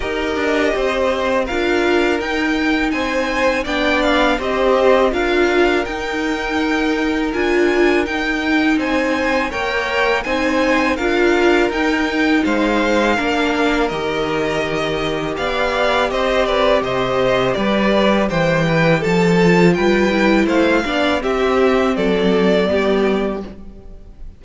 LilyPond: <<
  \new Staff \with { instrumentName = "violin" } { \time 4/4 \tempo 4 = 82 dis''2 f''4 g''4 | gis''4 g''8 f''8 dis''4 f''4 | g''2 gis''4 g''4 | gis''4 g''4 gis''4 f''4 |
g''4 f''2 dis''4~ | dis''4 f''4 dis''8 d''8 dis''4 | d''4 g''4 a''4 g''4 | f''4 e''4 d''2 | }
  \new Staff \with { instrumentName = "violin" } { \time 4/4 ais'4 c''4 ais'2 | c''4 d''4 c''4 ais'4~ | ais'1 | c''4 cis''4 c''4 ais'4~ |
ais'4 c''4 ais'2~ | ais'4 d''4 c''8 b'8 c''4 | b'4 c''8 b'8 a'4 b'4 | c''8 d''8 g'4 a'4 g'4 | }
  \new Staff \with { instrumentName = "viola" } { \time 4/4 g'2 f'4 dis'4~ | dis'4 d'4 g'4 f'4 | dis'2 f'4 dis'4~ | dis'4 ais'4 dis'4 f'4 |
dis'2 d'4 g'4~ | g'1~ | g'2~ g'8 f'4 e'8~ | e'8 d'8 c'2 b4 | }
  \new Staff \with { instrumentName = "cello" } { \time 4/4 dis'8 d'8 c'4 d'4 dis'4 | c'4 b4 c'4 d'4 | dis'2 d'4 dis'4 | c'4 ais4 c'4 d'4 |
dis'4 gis4 ais4 dis4~ | dis4 b4 c'4 c4 | g4 e4 f4 g4 | a8 b8 c'4 fis4 g4 | }
>>